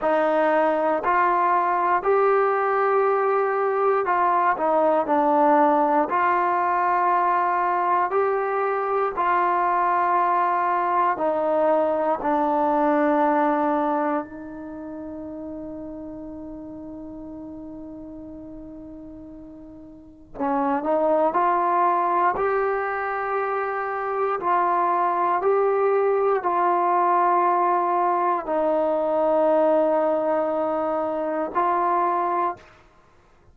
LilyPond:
\new Staff \with { instrumentName = "trombone" } { \time 4/4 \tempo 4 = 59 dis'4 f'4 g'2 | f'8 dis'8 d'4 f'2 | g'4 f'2 dis'4 | d'2 dis'2~ |
dis'1 | cis'8 dis'8 f'4 g'2 | f'4 g'4 f'2 | dis'2. f'4 | }